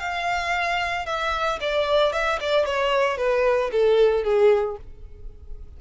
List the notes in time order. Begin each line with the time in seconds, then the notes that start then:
0.00 F5
1.06 E5
1.61 D5
2.13 E5
2.40 D5
2.65 C#5
3.17 B4
3.72 A4
4.24 G#4